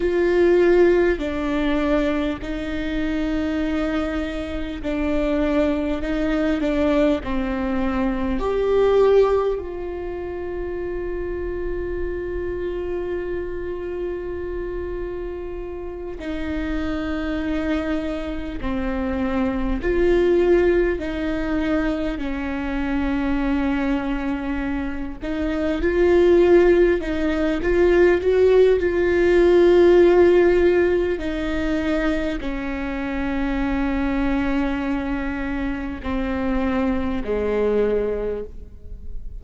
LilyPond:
\new Staff \with { instrumentName = "viola" } { \time 4/4 \tempo 4 = 50 f'4 d'4 dis'2 | d'4 dis'8 d'8 c'4 g'4 | f'1~ | f'4. dis'2 c'8~ |
c'8 f'4 dis'4 cis'4.~ | cis'4 dis'8 f'4 dis'8 f'8 fis'8 | f'2 dis'4 cis'4~ | cis'2 c'4 gis4 | }